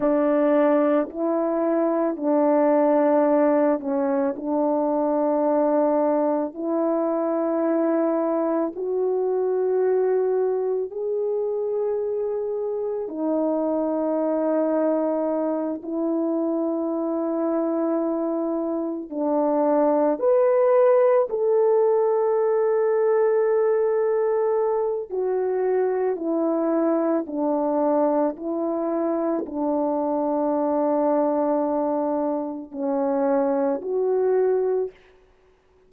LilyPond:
\new Staff \with { instrumentName = "horn" } { \time 4/4 \tempo 4 = 55 d'4 e'4 d'4. cis'8 | d'2 e'2 | fis'2 gis'2 | dis'2~ dis'8 e'4.~ |
e'4. d'4 b'4 a'8~ | a'2. fis'4 | e'4 d'4 e'4 d'4~ | d'2 cis'4 fis'4 | }